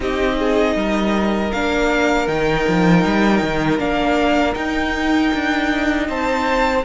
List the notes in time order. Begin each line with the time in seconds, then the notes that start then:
0.00 C4 D#4 G4 D#5
0.38 G#4
0.75 G3 A#4
1.52 A#3 D4 F5
2.27 D#3 D#4 G5
2.68 F3
3.05 G3
3.41 D#3
3.78 A#3 D4 F5
4.53 D#4 G5
5.33 D4
6.08 C4 C5 A5